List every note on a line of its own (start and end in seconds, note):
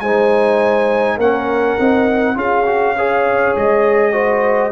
0.00 1.17 G#3
0.00 1.20 D#4
0.00 1.17 C5
0.00 1.18 G#5
1.17 1.76 A#3
1.17 1.79 C#4
1.17 2.34 A#4
1.17 2.38 F#5
1.79 2.35 C4
1.79 2.35 D#4
2.35 3.53 C#4
2.35 2.64 F4
2.35 2.95 G#4
2.35 3.56 F5
2.66 2.95 F#4
2.97 4.12 G#4
2.97 4.12 C#5
3.56 4.72 G#3
3.56 4.72 D#5
4.12 4.71 F#4
4.12 4.71 C5